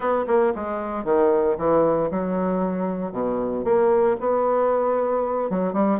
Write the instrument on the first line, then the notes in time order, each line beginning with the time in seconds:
bassoon
0.00 B3
0.27 A#3
0.55 G#3
1.04 D#3
1.57 E3
2.10 F#3
3.12 B2
3.64 A#3
4.20 B3
5.50 F#3
5.73 G3